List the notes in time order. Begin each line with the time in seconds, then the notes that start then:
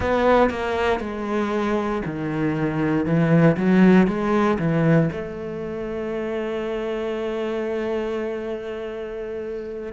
0.00 B3
0.49 A#3
1.00 G#3
2.05 D#3
3.05 E3
3.56 F#3
4.07 G#3
4.58 E3
5.12 A3